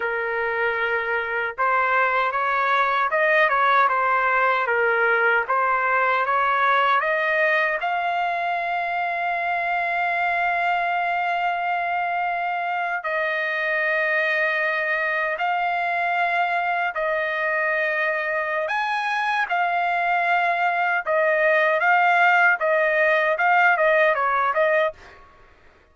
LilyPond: \new Staff \with { instrumentName = "trumpet" } { \time 4/4 \tempo 4 = 77 ais'2 c''4 cis''4 | dis''8 cis''8 c''4 ais'4 c''4 | cis''4 dis''4 f''2~ | f''1~ |
f''8. dis''2. f''16~ | f''4.~ f''16 dis''2~ dis''16 | gis''4 f''2 dis''4 | f''4 dis''4 f''8 dis''8 cis''8 dis''8 | }